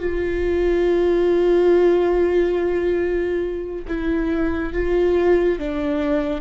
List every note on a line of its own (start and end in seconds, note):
0.00 3.86 F4
3.88 4.74 E4
4.74 5.59 F4
5.59 6.42 D4